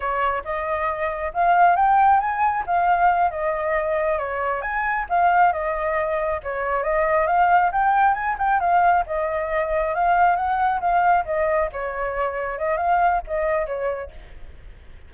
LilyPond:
\new Staff \with { instrumentName = "flute" } { \time 4/4 \tempo 4 = 136 cis''4 dis''2 f''4 | g''4 gis''4 f''4. dis''8~ | dis''4. cis''4 gis''4 f''8~ | f''8 dis''2 cis''4 dis''8~ |
dis''8 f''4 g''4 gis''8 g''8 f''8~ | f''8 dis''2 f''4 fis''8~ | fis''8 f''4 dis''4 cis''4.~ | cis''8 dis''8 f''4 dis''4 cis''4 | }